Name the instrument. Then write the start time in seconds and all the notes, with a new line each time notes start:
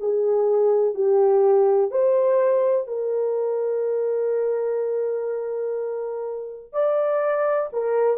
horn
0.00 G#4
0.95 G4
1.91 C5
2.88 A#4
6.73 D5
7.73 A#4